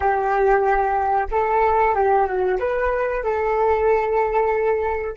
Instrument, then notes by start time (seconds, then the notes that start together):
flute
0.00 G4
1.31 A4
1.94 G4
2.26 F#4
2.59 B4
3.23 A4